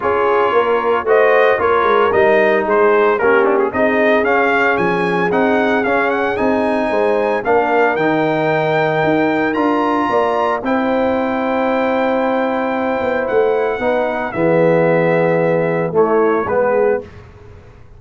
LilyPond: <<
  \new Staff \with { instrumentName = "trumpet" } { \time 4/4 \tempo 4 = 113 cis''2 dis''4 cis''4 | dis''4 c''4 ais'8 d'16 gis'16 dis''4 | f''4 gis''4 fis''4 f''8 fis''8 | gis''2 f''4 g''4~ |
g''2 ais''2 | g''1~ | g''4 fis''2 e''4~ | e''2 cis''4 b'4 | }
  \new Staff \with { instrumentName = "horn" } { \time 4/4 gis'4 ais'4 c''4 ais'4~ | ais'4 gis'4 g'4 gis'4~ | gis'1~ | gis'4 c''4 ais'2~ |
ais'2. d''4 | c''1~ | c''2 b'4 gis'4~ | gis'2 e'4 gis'4 | }
  \new Staff \with { instrumentName = "trombone" } { \time 4/4 f'2 fis'4 f'4 | dis'2 cis'4 dis'4 | cis'2 dis'4 cis'4 | dis'2 d'4 dis'4~ |
dis'2 f'2 | e'1~ | e'2 dis'4 b4~ | b2 a4 b4 | }
  \new Staff \with { instrumentName = "tuba" } { \time 4/4 cis'4 ais4 a4 ais8 gis8 | g4 gis4 ais4 c'4 | cis'4 f4 c'4 cis'4 | c'4 gis4 ais4 dis4~ |
dis4 dis'4 d'4 ais4 | c'1~ | c'8 b8 a4 b4 e4~ | e2 a4 gis4 | }
>>